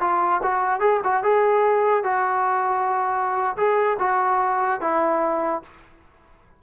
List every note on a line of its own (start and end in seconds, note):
0.00 0.41 F4
0.42 0.80 F#4
0.80 1.00 G#4
1.03 1.23 F#4
1.23 2.03 G#4
2.03 3.56 F#4
3.56 3.97 G#4
3.99 4.80 F#4
4.81 5.62 E4